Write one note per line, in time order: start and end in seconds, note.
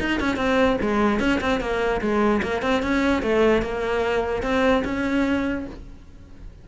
0.00 0.20 D#4
0.20 0.36 C#4
0.36 0.77 C4
0.81 1.20 G#3
1.20 1.40 C#4
1.41 1.60 C4
1.60 2.01 A#3
2.01 2.42 G#3
2.42 2.62 A#3
2.62 2.82 C4
2.82 3.22 C#4
3.22 3.62 A3
3.62 4.43 A#3
4.43 4.83 C4
4.84 5.66 C#4